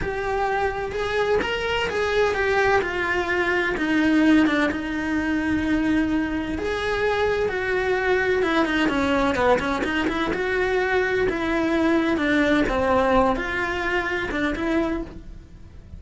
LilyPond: \new Staff \with { instrumentName = "cello" } { \time 4/4 \tempo 4 = 128 g'2 gis'4 ais'4 | gis'4 g'4 f'2 | dis'4. d'8 dis'2~ | dis'2 gis'2 |
fis'2 e'8 dis'8 cis'4 | b8 cis'8 dis'8 e'8 fis'2 | e'2 d'4 c'4~ | c'8 f'2 d'8 e'4 | }